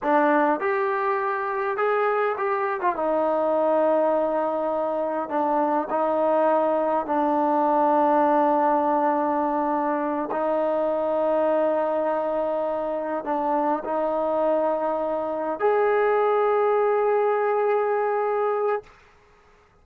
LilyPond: \new Staff \with { instrumentName = "trombone" } { \time 4/4 \tempo 4 = 102 d'4 g'2 gis'4 | g'8. f'16 dis'2.~ | dis'4 d'4 dis'2 | d'1~ |
d'4. dis'2~ dis'8~ | dis'2~ dis'8 d'4 dis'8~ | dis'2~ dis'8 gis'4.~ | gis'1 | }